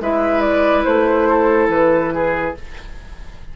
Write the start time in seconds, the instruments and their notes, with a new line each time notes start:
0.00 bassoon G#3, clarinet E4, oboe B4, flute E5
0.41 flute D5
0.84 bassoon A3, flute C5
1.29 oboe A4
1.69 bassoon E3, flute B4
2.14 oboe G#4